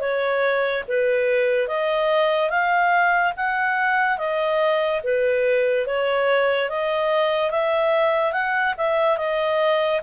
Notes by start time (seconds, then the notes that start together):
0.00 C#5
0.87 B4
1.68 D#5
2.50 F5
3.36 F#5
4.17 D#5
5.03 B4
5.86 C#5
6.69 D#5
7.50 E5
8.32 F#5
8.77 E5
9.17 D#5